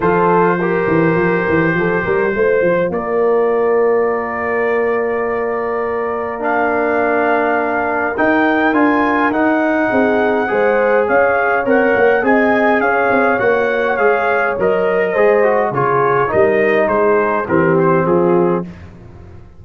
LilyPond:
<<
  \new Staff \with { instrumentName = "trumpet" } { \time 4/4 \tempo 4 = 103 c''1~ | c''4 d''2.~ | d''2. f''4~ | f''2 g''4 gis''4 |
fis''2. f''4 | fis''4 gis''4 f''4 fis''4 | f''4 dis''2 cis''4 | dis''4 c''4 ais'8 c''8 gis'4 | }
  \new Staff \with { instrumentName = "horn" } { \time 4/4 a'4 ais'2 a'8 ais'8 | c''4 ais'2.~ | ais'1~ | ais'1~ |
ais'4 gis'4 c''4 cis''4~ | cis''4 dis''4 cis''2~ | cis''2 c''4 gis'4 | ais'4 gis'4 g'4 f'4 | }
  \new Staff \with { instrumentName = "trombone" } { \time 4/4 f'4 g'2. | f'1~ | f'2. d'4~ | d'2 dis'4 f'4 |
dis'2 gis'2 | ais'4 gis'2 fis'4 | gis'4 ais'4 gis'8 fis'8 f'4 | dis'2 c'2 | }
  \new Staff \with { instrumentName = "tuba" } { \time 4/4 f4. e8 f8 e8 f8 g8 | a8 f8 ais2.~ | ais1~ | ais2 dis'4 d'4 |
dis'4 c'4 gis4 cis'4 | c'8 ais8 c'4 cis'8 c'8 ais4 | gis4 fis4 gis4 cis4 | g4 gis4 e4 f4 | }
>>